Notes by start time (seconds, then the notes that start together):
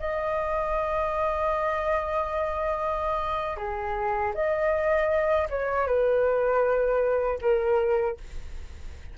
0.00 D#5
3.57 G#4
4.35 D#5
5.50 C#5
5.87 B4
7.42 A#4